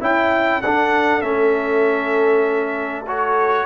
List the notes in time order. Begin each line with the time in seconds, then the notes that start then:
0.00 C#4 E4 G5
0.62 D4 A4 F#5
1.21 A3 C#4 E5
3.07 F#4 C#5